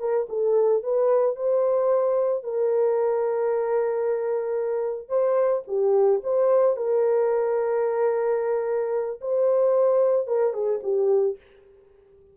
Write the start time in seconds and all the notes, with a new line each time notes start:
0.00 A#4
0.29 A4
0.83 B4
1.36 C5
2.43 A#4
5.09 C5
5.67 G4
6.24 C5
6.77 A#4
9.21 C5
10.27 A#4
10.53 G#4
10.83 G4